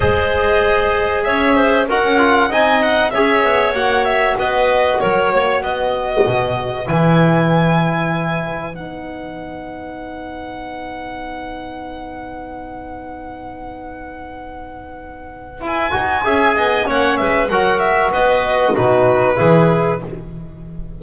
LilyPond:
<<
  \new Staff \with { instrumentName = "violin" } { \time 4/4 \tempo 4 = 96 dis''2 e''4 fis''4 | gis''8 fis''8 e''4 fis''8 e''8 dis''4 | cis''4 dis''2 gis''4~ | gis''2 fis''2~ |
fis''1~ | fis''1~ | fis''4 gis''2 fis''8 e''8 | fis''8 e''8 dis''4 b'2 | }
  \new Staff \with { instrumentName = "clarinet" } { \time 4/4 c''2 cis''8 c''8 ais'4 | dis''4 cis''2 b'4 | ais'8 cis''8 b'2.~ | b'1~ |
b'1~ | b'1~ | b'2 e''8 dis''8 cis''8 b'8 | ais'4 b'4 fis'4 gis'4 | }
  \new Staff \with { instrumentName = "trombone" } { \time 4/4 gis'2. fis'8 f'8 | dis'4 gis'4 fis'2~ | fis'2. e'4~ | e'2 dis'2~ |
dis'1~ | dis'1~ | dis'4 e'8 fis'8 gis'4 cis'4 | fis'2 dis'4 e'4 | }
  \new Staff \with { instrumentName = "double bass" } { \time 4/4 gis2 cis'4 dis'16 cis'8. | c'4 cis'8 b8 ais4 b4 | fis8 ais8 b4 b,4 e4~ | e2 b2~ |
b1~ | b1~ | b4 e'8 dis'8 cis'8 b8 ais8 gis8 | fis4 b4 b,4 e4 | }
>>